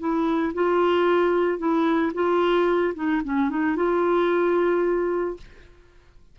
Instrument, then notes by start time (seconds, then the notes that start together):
clarinet
0.00 E4
0.55 F4
1.59 E4
2.14 F4
2.95 D#4
3.25 C#4
3.50 D#4
3.76 F4